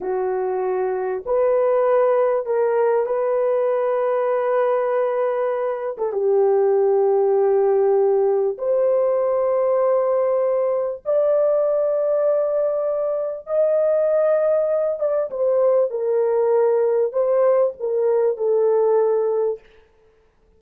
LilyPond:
\new Staff \with { instrumentName = "horn" } { \time 4/4 \tempo 4 = 98 fis'2 b'2 | ais'4 b'2.~ | b'4.~ b'16 a'16 g'2~ | g'2 c''2~ |
c''2 d''2~ | d''2 dis''2~ | dis''8 d''8 c''4 ais'2 | c''4 ais'4 a'2 | }